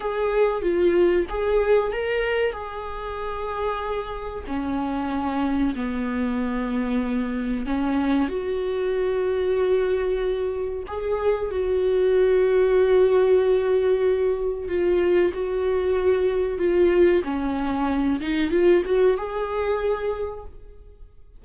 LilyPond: \new Staff \with { instrumentName = "viola" } { \time 4/4 \tempo 4 = 94 gis'4 f'4 gis'4 ais'4 | gis'2. cis'4~ | cis'4 b2. | cis'4 fis'2.~ |
fis'4 gis'4 fis'2~ | fis'2. f'4 | fis'2 f'4 cis'4~ | cis'8 dis'8 f'8 fis'8 gis'2 | }